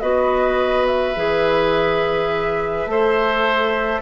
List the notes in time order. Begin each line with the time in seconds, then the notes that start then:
0.00 B3 F#4 B4 D#5
0.87 E5
1.16 E3 G#4
2.86 A3 A4 C5